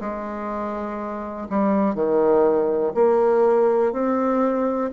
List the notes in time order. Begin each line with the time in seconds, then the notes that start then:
0.00 G#3
1.50 G3
1.95 D#3
2.95 A#3
3.92 C4